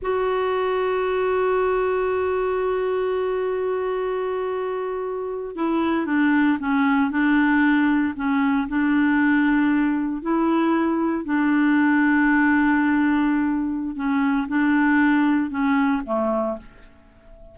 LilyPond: \new Staff \with { instrumentName = "clarinet" } { \time 4/4 \tempo 4 = 116 fis'1~ | fis'1~ | fis'2~ fis'8. e'4 d'16~ | d'8. cis'4 d'2 cis'16~ |
cis'8. d'2. e'16~ | e'4.~ e'16 d'2~ d'16~ | d'2. cis'4 | d'2 cis'4 a4 | }